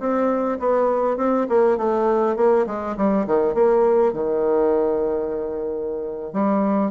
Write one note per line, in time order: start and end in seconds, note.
0.00 0.59 C4
0.59 1.17 B3
1.17 1.47 C4
1.49 1.78 A#3
1.78 2.36 A3
2.37 2.66 A#3
2.67 2.96 G#3
2.97 3.26 G3
3.26 3.55 D#3
3.55 4.13 A#3
4.13 6.33 D#3
6.33 6.91 G3